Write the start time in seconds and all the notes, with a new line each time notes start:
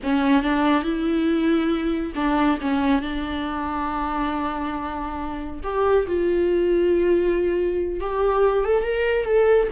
0.03 C#4
0.42 D4
0.83 E4
2.15 D4
2.61 C#4
3.01 D4
5.63 G4
6.06 F4
8.00 G4
8.64 A4
8.83 A#4
9.25 A4